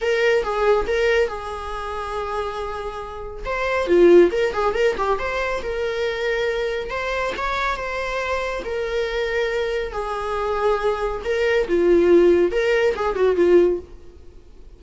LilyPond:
\new Staff \with { instrumentName = "viola" } { \time 4/4 \tempo 4 = 139 ais'4 gis'4 ais'4 gis'4~ | gis'1 | c''4 f'4 ais'8 gis'8 ais'8 g'8 | c''4 ais'2. |
c''4 cis''4 c''2 | ais'2. gis'4~ | gis'2 ais'4 f'4~ | f'4 ais'4 gis'8 fis'8 f'4 | }